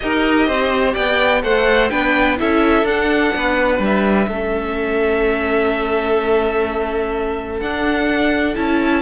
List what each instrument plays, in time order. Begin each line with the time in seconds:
0.00 cello D#4, viola G4, violin A#4 D#5
0.47 cello C4, violin C5
0.94 cello B3, violin D5 G5
1.42 cello A3, viola A4, violin C5 F#5
1.89 cello B3, viola D4, violin B4 G5
2.37 cello C#4, viola E4, violin A4 E5
2.82 cello D4, viola D4, violin F#5
3.35 cello B3, violin B4
3.79 cello G3, violin E5
4.27 cello A3, viola C#4, violin A4
7.60 cello D4, viola D4, violin F#5
8.54 cello C#4, viola E4, violin A5